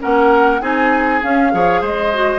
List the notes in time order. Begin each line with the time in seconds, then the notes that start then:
0.00 A#3 C#4 A#4 F#5
0.61 C4 D#4 G#4 G#5
1.23 C#4 F5
1.52 F3 G#4 C#5
1.81 G#3 C5 D#5
2.14 F#4